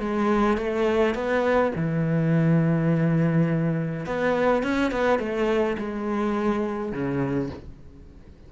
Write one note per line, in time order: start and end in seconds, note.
0.00 0.57 G#3
0.57 1.15 A3
1.15 1.72 B3
1.75 4.06 E3
4.06 4.63 B3
4.63 4.91 C#4
4.91 5.19 B3
5.19 5.77 A3
5.78 6.92 G#3
6.92 7.50 C#3